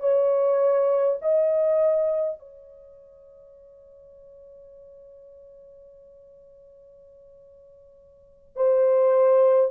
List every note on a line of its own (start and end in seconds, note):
0.00 1.18 C#5
1.21 2.39 D#5
2.39 8.56 C#5
8.56 9.71 C5